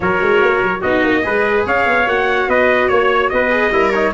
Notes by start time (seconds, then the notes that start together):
0.00 F#3 F#4 A#4 C#5
0.21 G#3
0.41 A#3
0.62 F#3
0.80 B3 D#4 F#4 D#5
1.04 A#3
1.22 G#3 G#4 B4
1.65 C#4 C#5 F5
1.86 B3
2.06 A#3 F#4 F#5
2.47 B3 B4 D#5
2.88 A#3 C#5
3.29 B3 B4 D#5
3.50 G#4
3.71 G3 E4 A#4
3.91 D#4 C#5